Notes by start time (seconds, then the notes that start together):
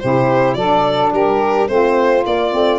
0.00 C3 E4 G4 C5
0.54 F#3 D4 A4 D5
1.12 G3 G4 A#4
1.68 A3 C4 F4 C5
2.26 A#3 D5
2.52 A3 C4